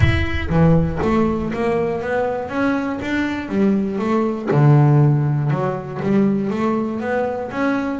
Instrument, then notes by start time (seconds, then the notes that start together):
double bass
0.00 E4
0.49 E3
1.01 A3
1.52 A#3
2.01 B3
2.49 C#4
3.01 D4
3.48 G3
3.99 A3
4.51 D3
5.50 F#3
6.02 G3
6.50 A3
7.00 B3
7.51 C#4